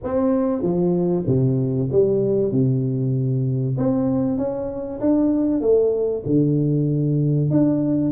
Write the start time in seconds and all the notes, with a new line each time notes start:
0.03 C4
0.61 F3
1.27 C3
1.91 G3
2.51 C3
3.77 C4
4.37 C#4
5.00 D4
5.61 A3
6.25 D3
7.50 D4